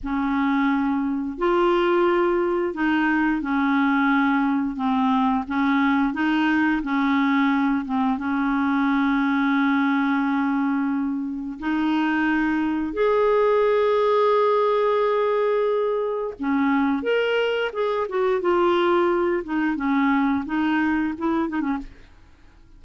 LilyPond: \new Staff \with { instrumentName = "clarinet" } { \time 4/4 \tempo 4 = 88 cis'2 f'2 | dis'4 cis'2 c'4 | cis'4 dis'4 cis'4. c'8 | cis'1~ |
cis'4 dis'2 gis'4~ | gis'1 | cis'4 ais'4 gis'8 fis'8 f'4~ | f'8 dis'8 cis'4 dis'4 e'8 dis'16 cis'16 | }